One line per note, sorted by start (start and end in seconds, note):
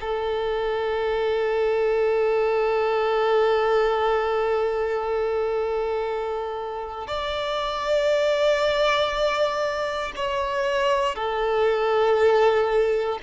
0.00 7.07 A4
7.07 10.12 D5
10.16 11.15 C#5
11.15 13.18 A4